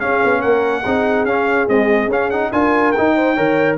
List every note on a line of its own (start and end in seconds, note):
0.00 0.84 C#4
0.00 0.23 C#4
0.00 0.40 G#4
0.00 0.42 F5
0.25 0.43 B3
0.40 0.85 A#3
0.40 0.82 A#4
0.40 1.26 F#5
0.84 1.25 C4
0.84 1.28 D#4
0.84 2.52 G#4
1.25 1.67 C#4
1.25 1.68 C#4
1.25 1.68 F5
1.68 2.10 G#3
1.68 2.08 C4
1.68 2.11 D#5
2.08 2.50 C#4
2.08 2.32 C#4
2.08 2.31 F5
2.31 2.53 D#4
2.31 2.52 F#5
2.52 2.94 D4
2.52 2.95 F4
2.52 3.15 A#4
2.52 2.92 G#5
2.92 3.37 D#4
2.92 3.76 G5
2.99 3.38 D#4
3.15 3.35 C5
3.35 3.78 D#3
3.35 3.78 A#4
3.35 3.77 C#5